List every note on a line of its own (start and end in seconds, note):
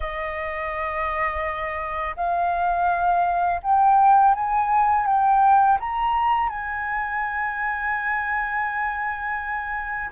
0.00 2.15 D#5
2.16 3.60 F5
3.62 4.34 G5
4.34 5.06 G#5
5.06 5.78 G5
5.80 6.49 A#5
6.49 10.10 G#5